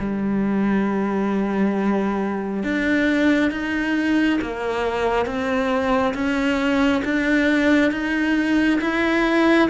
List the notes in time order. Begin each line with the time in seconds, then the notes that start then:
0.00 G3
2.64 D4
3.51 D#4
4.42 A#3
5.26 C4
6.14 C#4
7.05 D4
7.92 D#4
8.81 E4